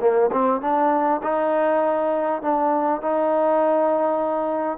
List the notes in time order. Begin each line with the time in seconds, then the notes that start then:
0.00 A#3
0.32 C4
0.61 D4
1.22 D#4
2.42 D4
3.01 D#4